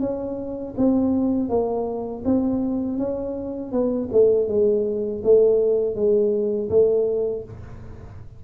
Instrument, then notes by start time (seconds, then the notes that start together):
tuba
0.00 C#4
0.77 C4
1.49 A#3
2.25 C4
2.98 C#4
3.72 B3
4.12 A3
4.48 G#3
5.24 A3
5.95 G#3
6.70 A3